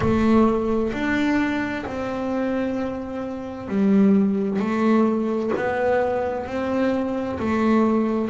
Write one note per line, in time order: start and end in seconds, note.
0.00 0.91 A3
0.92 1.85 D4
1.86 3.68 C4
3.68 4.59 G3
4.59 5.51 A3
5.56 6.46 B3
6.46 7.38 C4
7.38 8.30 A3